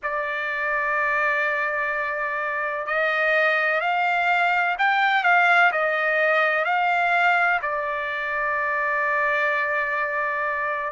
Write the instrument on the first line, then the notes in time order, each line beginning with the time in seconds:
trumpet
0.03 D5
2.86 D#5
3.81 F5
4.78 G5
5.23 F5
5.71 D#5
6.65 F5
7.62 D5